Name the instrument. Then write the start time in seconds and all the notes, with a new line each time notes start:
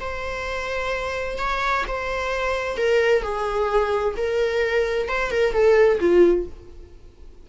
viola
0.00 C5
1.38 C#5
1.87 C5
2.77 A#4
3.22 G#4
4.17 A#4
5.08 C5
5.31 A#4
5.53 A4
6.00 F4